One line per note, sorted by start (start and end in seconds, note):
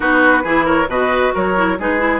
0.00 0.44 B3
0.00 0.44 D#4
0.00 0.43 F#4
0.00 0.66 B4
0.43 0.87 E3
0.43 0.88 E4
0.43 0.65 G#4
0.65 0.87 A#4
0.65 0.89 C#5
0.87 1.32 B2
0.87 1.54 F#4
0.87 1.34 B4
0.87 1.34 D#5
1.34 1.79 F#3
1.34 1.78 A#4
1.34 1.79 C#5
1.55 1.78 E4
1.79 2.20 G#3
1.79 1.98 D#4
1.79 2.20 G#4
1.79 2.20 B4
1.98 2.20 E4